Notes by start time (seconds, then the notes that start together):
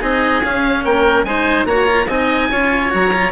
0.00 C4 D#4 G#4 D#5
0.44 C#4 F5
0.84 A#3 A#4 G5
1.24 G#3 D#4 C5 G#5
1.65 A#3 F#4 C#5 A#5
1.86 F4
2.06 C4 D#4 D#5 G#5
2.51 C#4 F4 C#5
2.90 F#3 F#4 A#5
3.13 F4